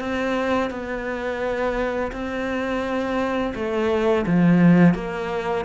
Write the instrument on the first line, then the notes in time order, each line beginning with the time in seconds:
cello
0.00 C4
0.71 B3
2.12 C4
3.55 A3
4.27 F3
4.95 A#3